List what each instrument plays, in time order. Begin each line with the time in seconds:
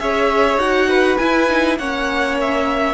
0.00 cello C#4, viola G#4, violin C#5 E5
0.58 cello D#4, viola F#4, violin F#5
0.90 violin B4
1.18 viola E4, cello E4, violin G#5
1.49 viola D#4
1.79 cello A#3, viola C#4, violin C#5 F#5
2.41 violin E5